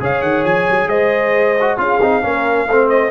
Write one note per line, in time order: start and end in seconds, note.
0.00 0.22 C#3
0.00 1.57 G#4
0.00 0.89 C#5
0.00 0.22 F5
0.22 0.44 D#3
0.22 0.44 F#5
0.44 0.67 F3
0.44 0.89 G#5
0.70 0.87 F#3
0.87 1.77 G#3
0.87 1.78 C5
0.87 1.79 D#5
1.61 1.78 F#4
1.78 2.01 C#4
1.78 2.00 F4
1.78 2.24 G#4
1.78 2.89 F5
2.01 2.24 C4
2.01 2.22 D#4
2.22 2.68 A#3
2.22 2.67 C#4
2.22 2.69 A#4
2.68 3.11 A3
2.68 3.11 C4
2.68 3.11 C5
2.89 3.11 D#5